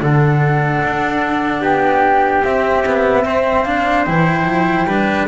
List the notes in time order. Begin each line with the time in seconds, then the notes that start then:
0.00 D3 D4 A4 F#5
0.83 D4
1.62 B3 G4 G5
2.45 C4 E5
2.87 B3
3.25 C4 C5
3.65 D4 F5
4.06 E3 E4 G5
4.45 F3
4.85 G3 D4 B4